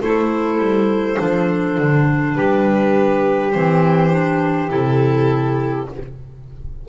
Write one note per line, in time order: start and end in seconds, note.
0.00 0.58 A3
0.00 1.17 E4
0.00 2.34 A4
0.00 2.35 C5
0.58 1.17 G3
1.17 1.78 F3
1.17 3.52 D4
1.78 2.37 D3
2.34 3.54 G3
2.34 5.87 G4
2.34 3.51 B4
3.51 4.70 E3
3.51 4.11 C4
3.51 4.69 C5
4.11 4.69 D4
4.69 5.88 C3
4.69 5.86 E4
4.69 5.88 A4